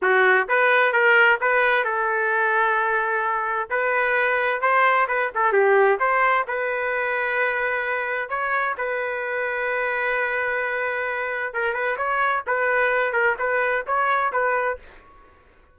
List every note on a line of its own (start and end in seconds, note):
0.01 0.48 F#4
0.48 0.92 B4
0.92 1.38 A#4
1.40 1.84 B4
1.84 3.69 A4
3.70 4.61 B4
4.61 5.07 C5
5.08 5.31 B4
5.34 5.52 A4
5.52 5.98 G4
5.99 6.45 C5
6.47 8.29 B4
8.29 8.75 C#5
8.77 11.53 B4
11.53 11.73 A#4
11.73 11.96 B4
11.97 12.43 C#5
12.46 13.12 B4
13.12 13.35 A#4
13.38 13.84 B4
13.86 14.32 C#5
14.32 14.78 B4